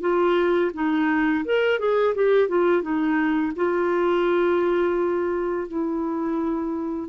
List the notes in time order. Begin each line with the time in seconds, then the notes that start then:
0.00 F4
0.73 D#4
1.44 A#4
1.79 G#4
2.15 G4
2.48 F4
2.81 D#4
3.56 F4
5.68 E4